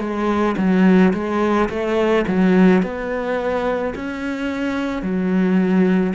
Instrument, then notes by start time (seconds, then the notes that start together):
cello
0.00 G#3
0.58 F#3
1.14 G#3
1.69 A3
2.27 F#3
2.82 B3
3.94 C#4
5.02 F#3